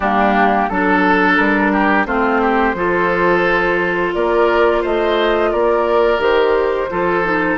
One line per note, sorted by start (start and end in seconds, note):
0.00 0.67 G3
0.00 0.71 A#3
0.00 0.69 D4
0.00 0.69 G4
0.69 1.39 F#3
0.69 2.06 D4
0.69 1.36 A4
0.69 1.72 A4
1.36 2.06 G3
1.36 2.05 A#4
1.72 2.06 G4
2.06 2.74 A3
2.06 2.75 C4
2.06 2.41 F4
2.06 4.13 C5
2.41 2.75 G4
2.74 4.12 F3
2.74 6.19 F4
2.74 4.15 A4
4.14 4.84 A#3
4.14 4.81 A#4
4.14 4.83 D5
4.81 5.53 A3
4.81 5.50 C5
4.81 5.51 D#5
5.51 6.18 A#3
5.51 6.90 A#4
5.51 6.20 D5
6.18 6.87 D#3
6.18 6.88 G4
6.18 7.57 C5
6.90 7.57 F3
6.90 7.24 F4
6.90 7.57 A4
7.24 7.57 D#4